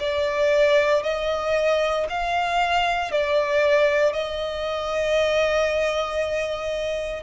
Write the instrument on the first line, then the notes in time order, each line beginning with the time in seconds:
violin
0.00 D5
1.03 D#5
2.10 F5
3.12 D5
4.13 D#5